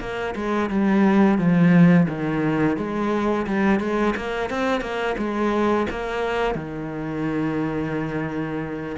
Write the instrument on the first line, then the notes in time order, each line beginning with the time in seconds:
cello
0.00 A#3
0.35 G#3
0.70 G3
1.38 F3
2.08 D#3
2.77 G#3
3.46 G3
3.80 G#3
4.16 A#3
4.50 C4
4.81 A#3
5.18 G#3
5.90 A#3
6.55 D#3